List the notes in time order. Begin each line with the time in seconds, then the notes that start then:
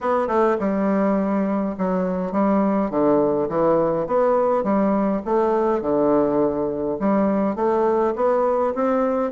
0.00 B3
0.27 A3
0.59 G3
1.78 F#3
2.32 G3
2.90 D3
3.48 E3
4.06 B3
4.63 G3
5.25 A3
5.81 D3
6.99 G3
7.55 A3
8.15 B3
8.74 C4